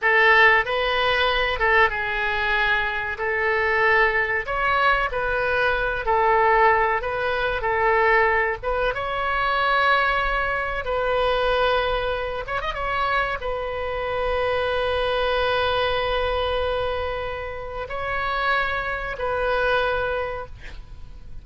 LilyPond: \new Staff \with { instrumentName = "oboe" } { \time 4/4 \tempo 4 = 94 a'4 b'4. a'8 gis'4~ | gis'4 a'2 cis''4 | b'4. a'4. b'4 | a'4. b'8 cis''2~ |
cis''4 b'2~ b'8 cis''16 dis''16 | cis''4 b'2.~ | b'1 | cis''2 b'2 | }